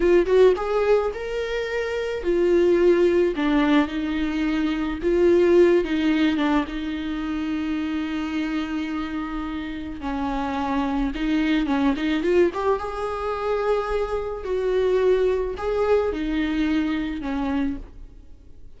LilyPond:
\new Staff \with { instrumentName = "viola" } { \time 4/4 \tempo 4 = 108 f'8 fis'8 gis'4 ais'2 | f'2 d'4 dis'4~ | dis'4 f'4. dis'4 d'8 | dis'1~ |
dis'2 cis'2 | dis'4 cis'8 dis'8 f'8 g'8 gis'4~ | gis'2 fis'2 | gis'4 dis'2 cis'4 | }